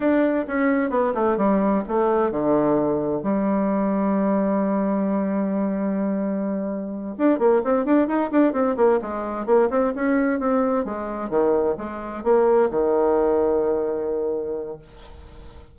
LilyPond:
\new Staff \with { instrumentName = "bassoon" } { \time 4/4 \tempo 4 = 130 d'4 cis'4 b8 a8 g4 | a4 d2 g4~ | g1~ | g2.~ g8 d'8 |
ais8 c'8 d'8 dis'8 d'8 c'8 ais8 gis8~ | gis8 ais8 c'8 cis'4 c'4 gis8~ | gis8 dis4 gis4 ais4 dis8~ | dis1 | }